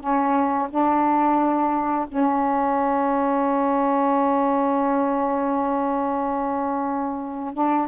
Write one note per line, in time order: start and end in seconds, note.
0.00 0.68 C#4
0.70 2.06 D4
2.08 7.54 C#4
7.54 7.88 D4